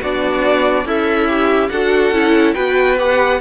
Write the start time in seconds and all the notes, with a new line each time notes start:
0.00 B3 D4 F#4 D5
0.85 C#4 E4 A4 E5
1.28 G4
1.69 D4 F#4 A4 F#5
2.11 C#4 E4
2.54 B3 F#4 B4 G5
2.99 G4 F#5